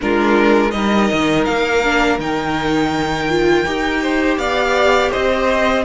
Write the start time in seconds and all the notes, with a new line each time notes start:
0.00 G#3 D4 F4 A#4
0.71 G3 D#4 A#4 D#5
1.12 D#3
1.45 A#3 F5
1.83 D4
2.18 D#3 D#4 G5
3.29 F4
3.65 D#4 G4
4.02 C5
4.37 B3 D5 F5
5.11 C4 C5 D#5